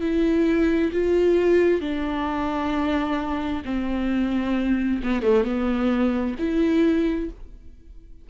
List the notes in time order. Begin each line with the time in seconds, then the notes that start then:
0.00 E4
0.92 F4
1.81 D4
3.65 C4
5.03 B3
5.22 A3
5.44 B3
6.39 E4